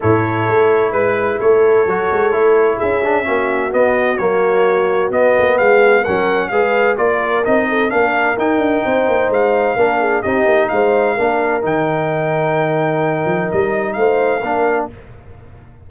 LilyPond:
<<
  \new Staff \with { instrumentName = "trumpet" } { \time 4/4 \tempo 4 = 129 cis''2 b'4 cis''4~ | cis''2 e''2 | dis''4 cis''2 dis''4 | f''4 fis''4 f''4 d''4 |
dis''4 f''4 g''2 | f''2 dis''4 f''4~ | f''4 g''2.~ | g''4 dis''4 f''2 | }
  \new Staff \with { instrumentName = "horn" } { \time 4/4 a'2 b'4 a'4~ | a'2 gis'4 fis'4~ | fis'1 | gis'4 ais'4 b'4 ais'4~ |
ais'8 a'8 ais'2 c''4~ | c''4 ais'8 gis'8 g'4 c''4 | ais'1~ | ais'2 c''4 ais'4 | }
  \new Staff \with { instrumentName = "trombone" } { \time 4/4 e'1 | fis'4 e'4. d'8 cis'4 | b4 ais2 b4~ | b4 cis'4 gis'4 f'4 |
dis'4 d'4 dis'2~ | dis'4 d'4 dis'2 | d'4 dis'2.~ | dis'2. d'4 | }
  \new Staff \with { instrumentName = "tuba" } { \time 4/4 a,4 a4 gis4 a4 | fis8 gis8 a4 cis'4 ais4 | b4 fis2 b8 ais8 | gis4 fis4 gis4 ais4 |
c'4 ais4 dis'8 d'8 c'8 ais8 | gis4 ais4 c'8 ais8 gis4 | ais4 dis2.~ | dis8 f8 g4 a4 ais4 | }
>>